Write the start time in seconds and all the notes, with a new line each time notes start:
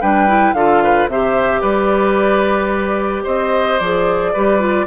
0.00 G3 D4 B4 G5
0.27 E4
0.53 D3 F4 A4 F5
0.83 B4
1.07 C3 G4 C5 E5
1.60 G3 B4 D5
3.23 C4 C5 D#5
3.79 F3 G#4 D5
4.33 G3 G4 B4
4.59 F4